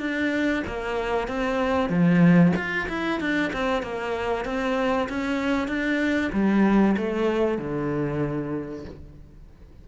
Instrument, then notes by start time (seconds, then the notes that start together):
cello
0.00 D4
0.67 A#3
1.28 C4
1.89 F3
2.56 F4
2.89 E4
3.20 D4
3.53 C4
3.83 A#3
4.45 C4
5.09 C#4
5.68 D4
6.33 G3
6.97 A3
7.58 D3